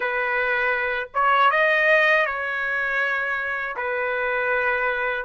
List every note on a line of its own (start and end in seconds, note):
0.00 1.09 B4
1.14 1.50 C#5
1.50 2.25 D#5
2.26 3.76 C#5
3.76 5.24 B4